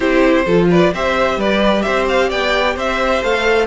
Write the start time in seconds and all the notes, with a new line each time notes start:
0.00 C4 E4 G4 C5
0.45 F3 F4 A4
0.70 B4 D5
0.93 C4 G4 C5 E5
1.36 G3 B4 D5
1.82 C4 C5 E5
2.08 F5
2.29 B3 D5 G5
2.75 C4 C5 E5
3.22 A3 A4 F5